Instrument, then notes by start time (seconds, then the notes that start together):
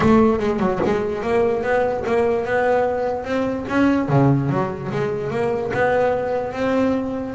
double bass
0.00 A3
0.39 G#3
0.59 F#3
0.85 G#3
1.22 A#3
1.63 B3
2.06 A#3
2.45 B3
3.24 C4
3.68 C#4
4.08 C#3
4.49 F#3
4.91 G#3
5.30 A#3
5.73 B3
6.52 C4